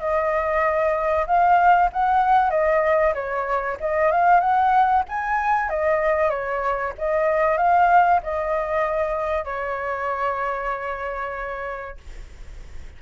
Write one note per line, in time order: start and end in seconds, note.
0.00 1.26 D#5
1.27 1.90 F5
1.93 2.51 F#5
2.51 3.14 D#5
3.15 3.78 C#5
3.80 4.12 D#5
4.12 4.40 F5
4.40 5.04 F#5
5.09 5.70 G#5
5.70 6.30 D#5
6.30 6.94 C#5
6.98 7.58 D#5
7.58 8.21 F5
8.23 9.45 D#5
9.45 11.98 C#5